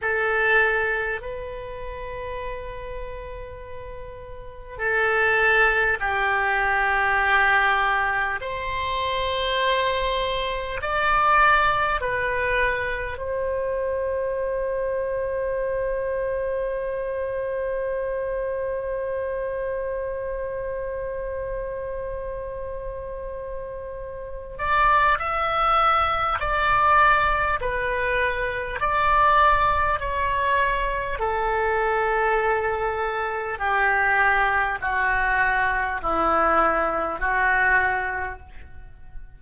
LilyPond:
\new Staff \with { instrumentName = "oboe" } { \time 4/4 \tempo 4 = 50 a'4 b'2. | a'4 g'2 c''4~ | c''4 d''4 b'4 c''4~ | c''1~ |
c''1~ | c''8 d''8 e''4 d''4 b'4 | d''4 cis''4 a'2 | g'4 fis'4 e'4 fis'4 | }